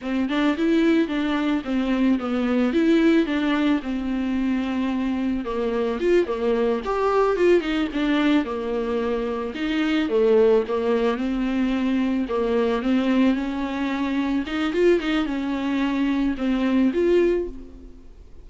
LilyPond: \new Staff \with { instrumentName = "viola" } { \time 4/4 \tempo 4 = 110 c'8 d'8 e'4 d'4 c'4 | b4 e'4 d'4 c'4~ | c'2 ais4 f'8 ais8~ | ais8 g'4 f'8 dis'8 d'4 ais8~ |
ais4. dis'4 a4 ais8~ | ais8 c'2 ais4 c'8~ | c'8 cis'2 dis'8 f'8 dis'8 | cis'2 c'4 f'4 | }